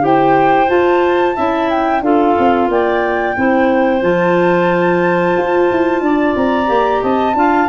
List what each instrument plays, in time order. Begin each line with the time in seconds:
0.00 tuba E4, clarinet G4 C5, flute G5
0.68 clarinet F4, tuba F4, flute A5
1.36 tuba C#4, clarinet E4 E5
1.70 flute G5
2.01 tuba D4, clarinet F4 A4, flute F5
2.39 tuba C4
2.68 tuba A#3, clarinet D5, flute G5
3.37 tuba C4, clarinet E4 C5
4.01 tuba F3, clarinet F4, flute A5
5.37 tuba F4
5.71 tuba E4
6.01 tuba D4, clarinet D5
6.36 tuba C4, flute A#5
6.66 tuba A#3, clarinet G4
7.02 tuba C4, clarinet D#5, flute A5
7.34 tuba D4, clarinet F4 F5